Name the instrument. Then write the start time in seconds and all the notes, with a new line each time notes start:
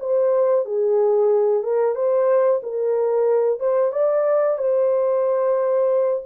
horn
0.00 C5
0.65 G#4
1.63 A#4
1.95 C5
2.63 A#4
3.60 C5
3.92 D5
4.58 C5